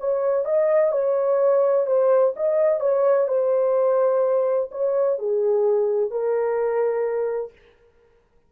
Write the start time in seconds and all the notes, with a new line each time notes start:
0.00 C#5
0.45 D#5
0.92 C#5
1.87 C5
2.36 D#5
2.81 C#5
3.28 C5
4.72 C#5
5.19 G#4
6.11 A#4